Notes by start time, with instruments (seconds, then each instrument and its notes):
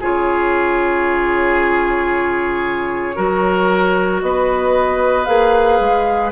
0.00 bassoon C#3, clarinet F4, oboe G#4, flute C#5
3.15 bassoon F#3, clarinet F#4, oboe A#4
4.21 bassoon B3, oboe B4, flute D#5
5.25 bassoon A#3, clarinet G#4, flute F5
5.80 bassoon G#3